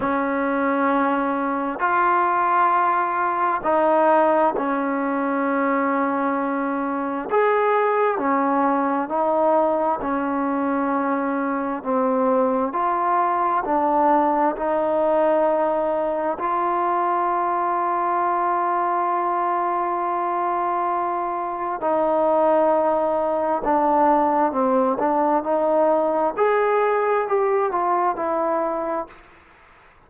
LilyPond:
\new Staff \with { instrumentName = "trombone" } { \time 4/4 \tempo 4 = 66 cis'2 f'2 | dis'4 cis'2. | gis'4 cis'4 dis'4 cis'4~ | cis'4 c'4 f'4 d'4 |
dis'2 f'2~ | f'1 | dis'2 d'4 c'8 d'8 | dis'4 gis'4 g'8 f'8 e'4 | }